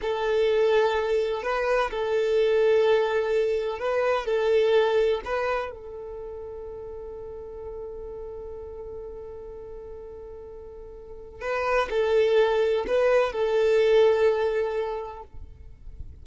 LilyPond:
\new Staff \with { instrumentName = "violin" } { \time 4/4 \tempo 4 = 126 a'2. b'4 | a'1 | b'4 a'2 b'4 | a'1~ |
a'1~ | a'1 | b'4 a'2 b'4 | a'1 | }